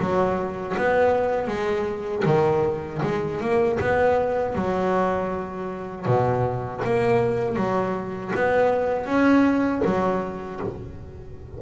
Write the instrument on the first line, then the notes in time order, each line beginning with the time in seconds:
double bass
0.00 F#3
0.78 B3
1.48 G#3
2.26 D#3
3.03 G#3
3.41 A#3
3.80 B3
4.56 F#3
6.06 B2
6.85 A#3
7.56 F#3
8.35 B3
9.07 C#4
9.85 F#3